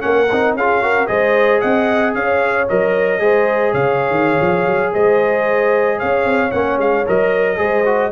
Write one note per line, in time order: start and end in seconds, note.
0.00 0.31 A#3
0.00 0.27 C#4
0.00 0.57 A#4
0.00 0.54 F#5
0.32 0.55 C4
0.32 0.59 D#4
0.55 1.08 C#4
0.55 0.82 F4
0.55 0.83 G#4
0.55 1.07 F5
0.82 1.07 F#4
0.82 1.09 A#4
1.07 1.63 G#3
1.07 2.66 G#4
1.07 1.61 C5
1.07 1.60 D#5
1.61 2.15 C4
1.61 2.14 D#5
1.61 2.14 F#5
2.15 2.68 C#4
2.15 3.22 C#5
2.15 2.68 F5
2.69 3.20 F#3
2.69 3.20 A#4
2.69 3.74 D#5
3.20 3.73 G#3
3.20 6.51 G#4
3.20 3.73 C5
3.73 4.11 C#3
3.73 4.92 C#5
3.73 4.93 F5
4.11 4.37 D#3
4.40 4.67 F3
4.67 4.93 F#3
4.94 6.01 G#3
4.94 5.99 C5
4.94 5.99 D#5
5.99 6.25 C#4
5.99 7.58 C#5
5.99 6.52 F5
6.25 6.52 C4
6.52 6.78 A#3
6.52 7.06 C#4
6.52 6.78 F#5
6.78 7.05 G#3
6.78 7.07 F5
7.07 7.59 F#3
7.07 7.57 A#4
7.07 8.12 D#5
7.57 8.12 G#3
7.57 7.84 G#4
7.57 8.11 C5
7.86 8.12 F#4